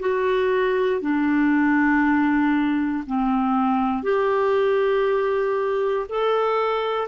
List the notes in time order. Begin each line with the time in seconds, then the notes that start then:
0.00 F#4
1.01 D4
3.06 C4
4.03 G4
6.09 A4